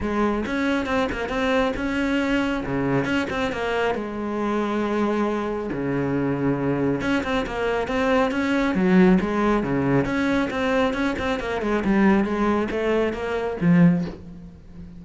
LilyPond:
\new Staff \with { instrumentName = "cello" } { \time 4/4 \tempo 4 = 137 gis4 cis'4 c'8 ais8 c'4 | cis'2 cis4 cis'8 c'8 | ais4 gis2.~ | gis4 cis2. |
cis'8 c'8 ais4 c'4 cis'4 | fis4 gis4 cis4 cis'4 | c'4 cis'8 c'8 ais8 gis8 g4 | gis4 a4 ais4 f4 | }